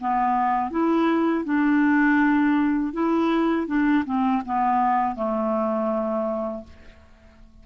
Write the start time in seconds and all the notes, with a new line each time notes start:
0.00 B3
0.71 E4
1.45 D4
2.93 E4
3.67 D4
4.05 C4
4.45 B3
5.15 A3